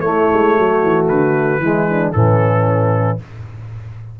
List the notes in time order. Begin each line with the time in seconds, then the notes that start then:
0.00 A3 E4 C#5
0.33 G#3
0.56 F#3 F#4
0.83 E3
1.08 D3 B4
1.59 E3 G#3 E4
1.89 D4
2.12 A2 E3 C#4 A4